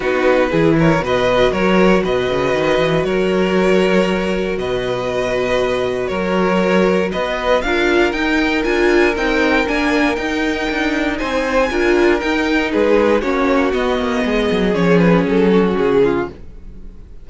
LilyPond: <<
  \new Staff \with { instrumentName = "violin" } { \time 4/4 \tempo 4 = 118 b'4. cis''8 dis''4 cis''4 | dis''2 cis''2~ | cis''4 dis''2. | cis''2 dis''4 f''4 |
g''4 gis''4 g''4 gis''4 | g''2 gis''2 | g''4 b'4 cis''4 dis''4~ | dis''4 cis''8 b'8 a'4 gis'4 | }
  \new Staff \with { instrumentName = "violin" } { \time 4/4 fis'4 gis'8 ais'8 b'4 ais'4 | b'2 ais'2~ | ais'4 b'2. | ais'2 b'4 ais'4~ |
ais'1~ | ais'2 c''4 ais'4~ | ais'4 gis'4 fis'2 | gis'2~ gis'8 fis'4 f'8 | }
  \new Staff \with { instrumentName = "viola" } { \time 4/4 dis'4 e'4 fis'2~ | fis'1~ | fis'1~ | fis'2. f'4 |
dis'4 f'4 dis'4 d'4 | dis'2. f'4 | dis'2 cis'4 b4~ | b4 cis'2. | }
  \new Staff \with { instrumentName = "cello" } { \time 4/4 b4 e4 b,4 fis4 | b,8 cis8 dis8 e8 fis2~ | fis4 b,2. | fis2 b4 d'4 |
dis'4 d'4 c'4 ais4 | dis'4 d'4 c'4 d'4 | dis'4 gis4 ais4 b8 ais8 | gis8 fis8 f4 fis4 cis4 | }
>>